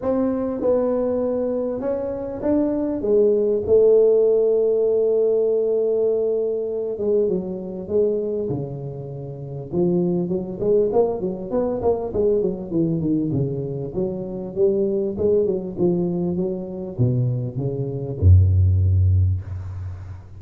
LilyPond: \new Staff \with { instrumentName = "tuba" } { \time 4/4 \tempo 4 = 99 c'4 b2 cis'4 | d'4 gis4 a2~ | a2.~ a8 gis8 | fis4 gis4 cis2 |
f4 fis8 gis8 ais8 fis8 b8 ais8 | gis8 fis8 e8 dis8 cis4 fis4 | g4 gis8 fis8 f4 fis4 | b,4 cis4 fis,2 | }